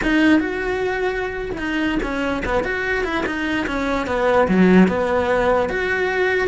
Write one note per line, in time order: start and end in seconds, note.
0.02 0.39 D#4
0.39 1.51 F#4
1.52 1.58 E4
1.58 1.98 D#4
2.03 2.43 C#4
2.45 2.64 B3
2.64 3.04 F#4
3.04 3.24 E4
3.25 3.66 D#4
3.66 4.07 C#4
4.07 4.47 B3
4.48 4.88 F#3
4.88 5.69 B3
5.69 6.47 F#4